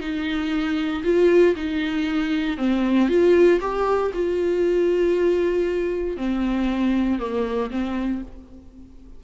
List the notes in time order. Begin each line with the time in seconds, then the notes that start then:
0.00 D#4
1.03 F4
1.55 D#4
2.57 C4
3.08 F4
3.60 G4
4.14 F4
6.17 C4
7.19 A#3
7.70 C4